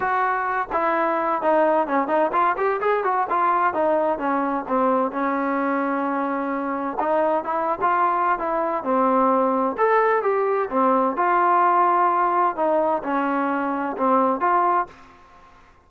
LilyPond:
\new Staff \with { instrumentName = "trombone" } { \time 4/4 \tempo 4 = 129 fis'4. e'4. dis'4 | cis'8 dis'8 f'8 g'8 gis'8 fis'8 f'4 | dis'4 cis'4 c'4 cis'4~ | cis'2. dis'4 |
e'8. f'4~ f'16 e'4 c'4~ | c'4 a'4 g'4 c'4 | f'2. dis'4 | cis'2 c'4 f'4 | }